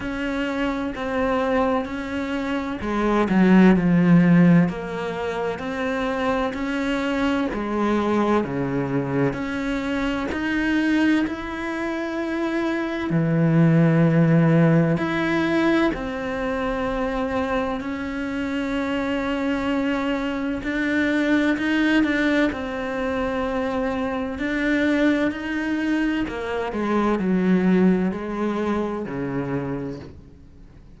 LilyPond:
\new Staff \with { instrumentName = "cello" } { \time 4/4 \tempo 4 = 64 cis'4 c'4 cis'4 gis8 fis8 | f4 ais4 c'4 cis'4 | gis4 cis4 cis'4 dis'4 | e'2 e2 |
e'4 c'2 cis'4~ | cis'2 d'4 dis'8 d'8 | c'2 d'4 dis'4 | ais8 gis8 fis4 gis4 cis4 | }